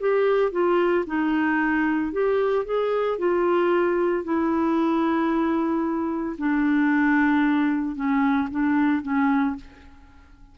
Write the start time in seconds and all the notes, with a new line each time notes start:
0.00 G4
0.52 F4
1.07 D#4
2.13 G4
2.65 G#4
3.19 F4
4.24 E4
6.38 D4
7.96 C#4
8.51 D4
9.03 C#4